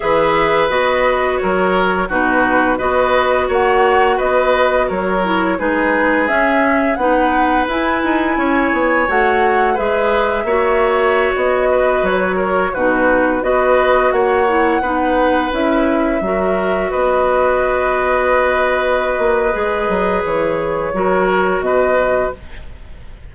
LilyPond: <<
  \new Staff \with { instrumentName = "flute" } { \time 4/4 \tempo 4 = 86 e''4 dis''4 cis''4 b'4 | dis''4 fis''4 dis''4 cis''4 | b'4 e''4 fis''4 gis''4~ | gis''4 fis''4 e''2~ |
e''16 dis''4 cis''4 b'4 dis''8.~ | dis''16 fis''2 e''4.~ e''16~ | e''16 dis''2.~ dis''8.~ | dis''4 cis''2 dis''4 | }
  \new Staff \with { instrumentName = "oboe" } { \time 4/4 b'2 ais'4 fis'4 | b'4 cis''4 b'4 ais'4 | gis'2 b'2 | cis''2 b'4 cis''4~ |
cis''8. b'4 ais'8 fis'4 b'8.~ | b'16 cis''4 b'2 ais'8.~ | ais'16 b'2.~ b'8.~ | b'2 ais'4 b'4 | }
  \new Staff \with { instrumentName = "clarinet" } { \time 4/4 gis'4 fis'2 dis'4 | fis'2.~ fis'8 e'8 | dis'4 cis'4 dis'4 e'4~ | e'4 fis'4 gis'4 fis'4~ |
fis'2~ fis'16 dis'4 fis'8.~ | fis'8. e'8 dis'4 e'4 fis'8.~ | fis'1 | gis'2 fis'2 | }
  \new Staff \with { instrumentName = "bassoon" } { \time 4/4 e4 b4 fis4 b,4 | b4 ais4 b4 fis4 | gis4 cis'4 b4 e'8 dis'8 | cis'8 b8 a4 gis4 ais4~ |
ais16 b4 fis4 b,4 b8.~ | b16 ais4 b4 cis'4 fis8.~ | fis16 b2.~ b16 ais8 | gis8 fis8 e4 fis4 b,4 | }
>>